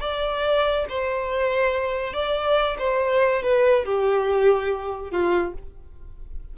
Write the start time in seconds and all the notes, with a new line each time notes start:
0.00 D5
0.89 C5
2.13 D5
2.79 C5
3.42 B4
3.85 G4
5.11 F4